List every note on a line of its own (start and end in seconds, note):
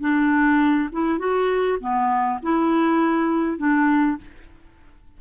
0.00 0.89 D4
0.92 1.18 E4
1.18 1.78 F#4
1.80 2.39 B3
2.42 3.57 E4
3.57 4.17 D4